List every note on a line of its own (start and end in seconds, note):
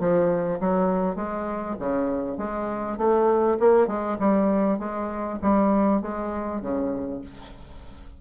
0.00 0.60 F3
0.60 1.16 F#3
1.16 1.76 G#3
1.80 2.38 C#3
2.38 2.98 G#3
2.98 3.58 A3
3.60 3.88 A#3
3.88 4.18 G#3
4.19 4.79 G3
4.79 5.39 G#3
5.42 6.02 G3
6.02 6.61 G#3
6.61 7.21 C#3